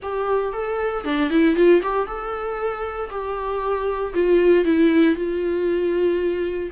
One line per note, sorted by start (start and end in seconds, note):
0.02 0.52 G4
0.52 1.04 A4
1.04 1.30 D4
1.30 1.55 E4
1.55 1.81 F4
1.82 2.06 G4
2.06 3.10 A4
3.10 4.13 G4
4.14 4.64 F4
4.64 5.15 E4
5.15 6.70 F4